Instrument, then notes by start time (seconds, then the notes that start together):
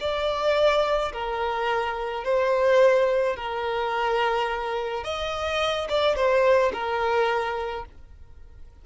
violin
0.00 D5
1.13 A#4
2.24 C5
3.36 A#4
5.04 D#5
5.89 D5
6.16 C5
6.73 A#4